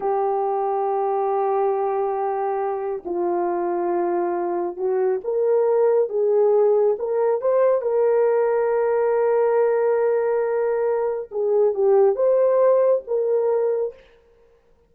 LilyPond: \new Staff \with { instrumentName = "horn" } { \time 4/4 \tempo 4 = 138 g'1~ | g'2. f'4~ | f'2. fis'4 | ais'2 gis'2 |
ais'4 c''4 ais'2~ | ais'1~ | ais'2 gis'4 g'4 | c''2 ais'2 | }